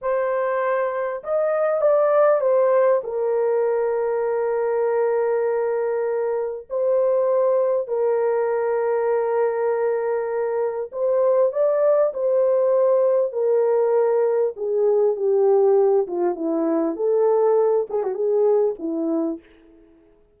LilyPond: \new Staff \with { instrumentName = "horn" } { \time 4/4 \tempo 4 = 99 c''2 dis''4 d''4 | c''4 ais'2.~ | ais'2. c''4~ | c''4 ais'2.~ |
ais'2 c''4 d''4 | c''2 ais'2 | gis'4 g'4. f'8 e'4 | a'4. gis'16 fis'16 gis'4 e'4 | }